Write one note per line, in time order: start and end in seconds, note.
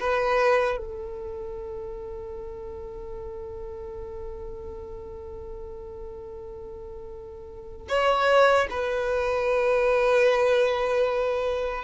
0.00 0.77 B4
0.77 7.88 A4
7.89 8.68 C#5
8.71 11.84 B4